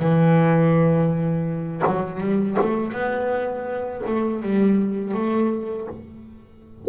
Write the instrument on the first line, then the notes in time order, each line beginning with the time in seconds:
double bass
0.00 E3
1.87 F#3
2.21 G3
2.61 A3
2.93 B3
4.07 A3
4.43 G3
5.15 A3